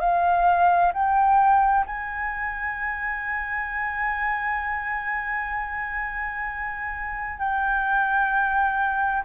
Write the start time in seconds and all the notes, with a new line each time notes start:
0.00 F5
0.94 G5
1.87 G#5
7.39 G5